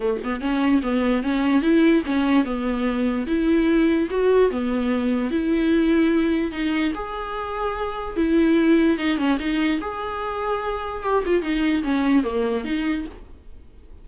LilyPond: \new Staff \with { instrumentName = "viola" } { \time 4/4 \tempo 4 = 147 a8 b8 cis'4 b4 cis'4 | e'4 cis'4 b2 | e'2 fis'4 b4~ | b4 e'2. |
dis'4 gis'2. | e'2 dis'8 cis'8 dis'4 | gis'2. g'8 f'8 | dis'4 cis'4 ais4 dis'4 | }